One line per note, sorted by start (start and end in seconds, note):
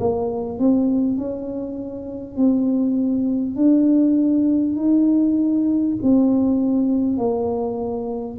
0.00 0.59 A#3
0.59 1.18 C4
1.18 2.37 C#4
2.37 3.57 C4
3.57 4.77 D4
4.77 5.97 D#4
6.03 7.18 C4
7.18 8.38 A#3